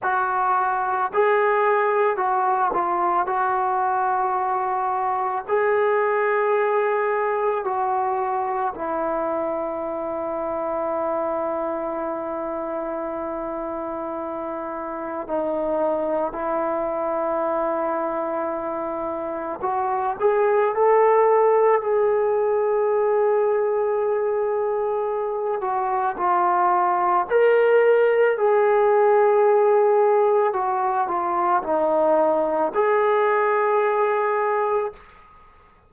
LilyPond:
\new Staff \with { instrumentName = "trombone" } { \time 4/4 \tempo 4 = 55 fis'4 gis'4 fis'8 f'8 fis'4~ | fis'4 gis'2 fis'4 | e'1~ | e'2 dis'4 e'4~ |
e'2 fis'8 gis'8 a'4 | gis'2.~ gis'8 fis'8 | f'4 ais'4 gis'2 | fis'8 f'8 dis'4 gis'2 | }